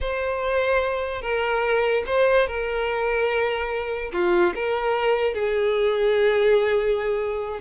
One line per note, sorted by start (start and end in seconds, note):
0.01 1.21 C5
1.21 2.03 A#4
2.06 2.47 C5
2.47 4.11 A#4
4.12 4.53 F4
4.55 5.34 A#4
5.34 7.60 G#4